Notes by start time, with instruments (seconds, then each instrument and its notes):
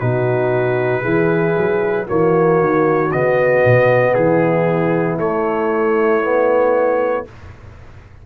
0.00 tuba B2, trombone D#4, horn F#4, trumpet B4
1.02 tuba E3, trombone E4, horn G#4
1.57 tuba F#3
2.07 tuba E3, trombone A#3, horn F#4, trumpet C#5
2.61 tuba D#3
3.12 tuba C#3, trombone B3, trumpet D#5
3.65 tuba B2
4.14 tuba E3, horn E4, trumpet G#4
5.18 tuba A3, trombone A3, trumpet C#5
6.22 trombone B3